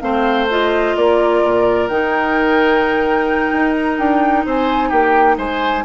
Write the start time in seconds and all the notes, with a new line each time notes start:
0.00 A3 C4 C5 F5
0.50 F4 D#5
0.97 A#3 A#4 D5
1.44 A#2
1.88 D#3 D#4 G5
3.53 D#4
3.73 A#5
3.99 D4 G5
4.46 C4 C5 G#5
4.90 A#3 G4 G5
5.38 G#3 C5 G#5